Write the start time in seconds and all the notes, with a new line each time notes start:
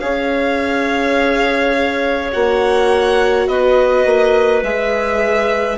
0.00 C#4 G#4 C#5 F5
2.32 A#3 F#4 F#5
3.48 B3 B4 D#5
4.05 A#3
4.63 G#3 G#4 E5